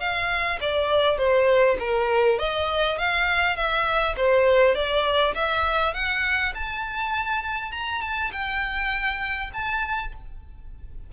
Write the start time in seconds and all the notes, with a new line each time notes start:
0.00 F5
0.61 D5
1.18 C5
1.80 A#4
2.39 D#5
2.99 F5
3.56 E5
4.17 C5
4.75 D5
5.35 E5
5.94 F#5
6.55 A5
7.72 A#5
8.01 A5
8.32 G5
9.53 A5